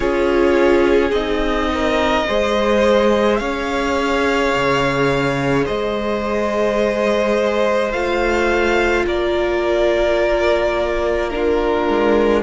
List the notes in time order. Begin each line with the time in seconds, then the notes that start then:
0.00 C#4 F4 G#4 C#5
1.11 C4 D#4 D#5
1.73 A#4
2.27 G#3 G#4 C5
3.37 C#4 C#5 F5
4.54 C#3
5.65 G#3 C5 D#5
7.92 A3 F4 F5
9.05 A#3 A#4 D5
11.29 D4 A#4
11.35 F4
11.88 G#3